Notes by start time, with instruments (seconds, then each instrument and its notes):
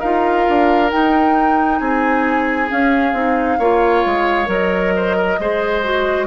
0.00 bassoon D#4, clarinet F4, oboe A#4, flute F5
0.48 bassoon D4
0.90 clarinet D#4, bassoon D#4, flute G5
1.79 bassoon C4, oboe G#4, flute G#5
2.69 clarinet C#4, bassoon C#4, flute F5
3.13 bassoon C4, clarinet D#4
3.59 bassoon A#3, clarinet F4, oboe C#5
4.06 bassoon G#3
4.46 bassoon F#3, clarinet A#4, flute D#5
4.96 oboe C5
5.17 oboe A#4
5.40 bassoon G#3, clarinet G#4, oboe C5
5.83 clarinet F#4